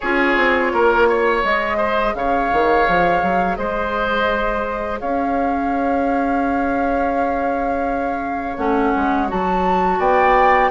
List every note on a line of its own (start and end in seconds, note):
0.00 0.36 C#4
0.00 1.44 F4
0.00 0.72 G#4
0.00 1.43 C#5
0.36 0.72 C4
0.72 1.43 A#3
0.72 1.08 A#4
1.08 1.77 C#5
1.44 2.14 G#3
1.44 8.57 G#4
1.44 2.14 D#5
1.77 2.13 C5
2.14 2.50 C#3
2.14 3.57 C#5
2.14 3.56 F5
2.52 2.87 D#3
2.87 3.22 F3
3.22 3.57 F#3
3.56 5.00 G#3
3.56 5.00 C5
3.56 4.98 D#5
5.00 8.57 C#4
5.00 9.99 C#5
5.00 8.57 F5
8.57 8.93 A3
8.57 9.28 C#4
8.57 9.28 F#5
8.95 9.31 G#3
9.28 9.98 F#3
9.28 10.70 F#4
9.28 10.00 A5
9.98 10.70 B3
9.98 10.70 D5
9.98 10.70 G5